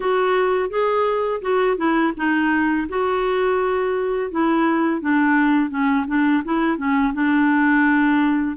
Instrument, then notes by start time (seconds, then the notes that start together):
clarinet
0.00 F#4
0.69 G#4
1.41 F#4
1.77 E4
2.16 D#4
2.89 F#4
4.31 E4
5.01 D4
5.69 C#4
6.07 D4
6.44 E4
6.77 C#4
7.13 D4